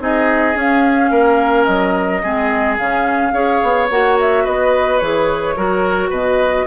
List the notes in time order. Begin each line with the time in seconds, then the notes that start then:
0.00 C4 D#4 G#4 D#5
0.55 C#4 F5
1.11 A#3 A#4
1.65 F#3 D#5
2.23 G#3 C4 G#4
2.78 C#3 C#4 F5
3.33 C#4 G#4 C#5
3.63 B3
3.90 A#3 F#4 F#5
4.20 E5
4.45 B3 B4 D#5
4.99 E3 G#4 C#5
5.57 F#3 F#4 A#4
6.10 B2 B4 D#5